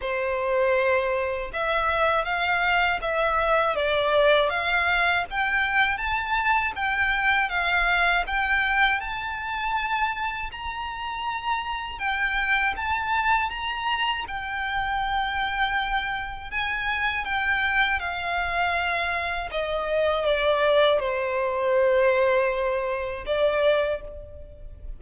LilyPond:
\new Staff \with { instrumentName = "violin" } { \time 4/4 \tempo 4 = 80 c''2 e''4 f''4 | e''4 d''4 f''4 g''4 | a''4 g''4 f''4 g''4 | a''2 ais''2 |
g''4 a''4 ais''4 g''4~ | g''2 gis''4 g''4 | f''2 dis''4 d''4 | c''2. d''4 | }